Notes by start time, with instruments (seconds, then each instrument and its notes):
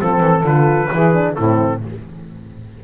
0.00 double bass F3, horn C4, saxophone A4, trumpet A4
0.21 double bass E3
0.43 double bass D3, horn F4, trumpet B4
0.93 double bass E3, horn E4, saxophone G#4
1.14 horn D4
1.35 double bass A2, horn C4, saxophone E4, trumpet A4